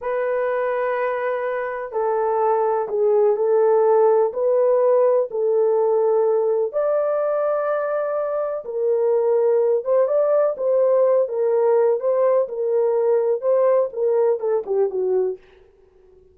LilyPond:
\new Staff \with { instrumentName = "horn" } { \time 4/4 \tempo 4 = 125 b'1 | a'2 gis'4 a'4~ | a'4 b'2 a'4~ | a'2 d''2~ |
d''2 ais'2~ | ais'8 c''8 d''4 c''4. ais'8~ | ais'4 c''4 ais'2 | c''4 ais'4 a'8 g'8 fis'4 | }